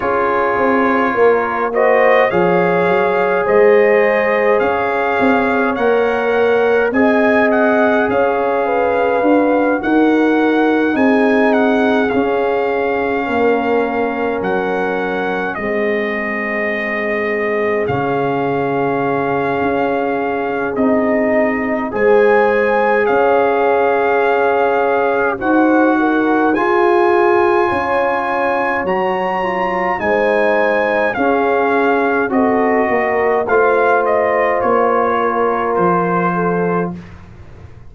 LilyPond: <<
  \new Staff \with { instrumentName = "trumpet" } { \time 4/4 \tempo 4 = 52 cis''4. dis''8 f''4 dis''4 | f''4 fis''4 gis''8 fis''8 f''4~ | f''8 fis''4 gis''8 fis''8 f''4.~ | f''8 fis''4 dis''2 f''8~ |
f''2 dis''4 gis''4 | f''2 fis''4 gis''4~ | gis''4 ais''4 gis''4 f''4 | dis''4 f''8 dis''8 cis''4 c''4 | }
  \new Staff \with { instrumentName = "horn" } { \time 4/4 gis'4 ais'8 c''8 cis''4 c''4 | cis''2 dis''4 cis''8 b'8~ | b'8 ais'4 gis'2 ais'8~ | ais'4. gis'2~ gis'8~ |
gis'2. c''4 | cis''2 c''8 ais'8 gis'4 | cis''2 c''4 gis'4 | a'8 ais'8 c''4. ais'4 a'8 | }
  \new Staff \with { instrumentName = "trombone" } { \time 4/4 f'4. fis'8 gis'2~ | gis'4 ais'4 gis'2 | fis'4. dis'4 cis'4.~ | cis'4. c'2 cis'8~ |
cis'2 dis'4 gis'4~ | gis'2 fis'4 f'4~ | f'4 fis'8 f'8 dis'4 cis'4 | fis'4 f'2. | }
  \new Staff \with { instrumentName = "tuba" } { \time 4/4 cis'8 c'8 ais4 f8 fis8 gis4 | cis'8 c'8 ais4 c'4 cis'4 | d'8 dis'4 c'4 cis'4 ais8~ | ais8 fis4 gis2 cis8~ |
cis4 cis'4 c'4 gis4 | cis'2 dis'4 f'4 | cis'4 fis4 gis4 cis'4 | c'8 ais8 a4 ais4 f4 | }
>>